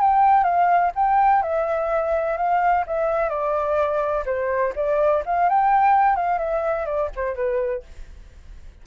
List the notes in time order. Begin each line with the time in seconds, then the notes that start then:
0.00 G5
0.43 F5
0.95 G5
1.42 E5
2.37 F5
2.86 E5
3.29 D5
4.25 C5
4.75 D5
5.25 F5
5.49 G5
6.16 F5
6.38 E5
6.85 D5
7.15 C5
7.35 B4